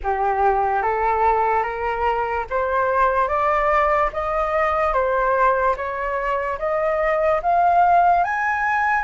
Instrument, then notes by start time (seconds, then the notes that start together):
flute
0.03 G4
0.82 A4
1.63 A#4
2.50 C5
3.28 D5
4.12 D#5
4.93 C5
5.76 C#5
6.59 D#5
7.42 F5
8.23 G#5